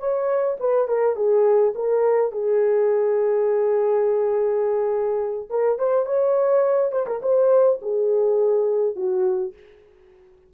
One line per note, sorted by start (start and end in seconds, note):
0.00 0.58 C#5
0.60 0.88 B4
0.88 1.16 A#4
1.16 1.74 G#4
1.76 2.32 A#4
2.32 5.49 G#4
5.50 5.79 A#4
5.79 6.06 C5
6.06 6.92 C#5
6.92 7.07 C5
7.07 7.22 A#4
7.22 7.80 C5
7.83 8.96 G#4
8.96 9.54 F#4